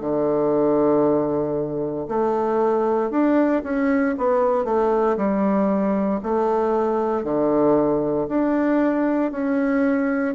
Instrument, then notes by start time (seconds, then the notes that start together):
bassoon
0.00 D3
2.08 A3
3.10 D4
3.63 C#4
4.18 B3
4.65 A3
5.17 G3
6.23 A3
7.23 D3
8.28 D4
9.31 C#4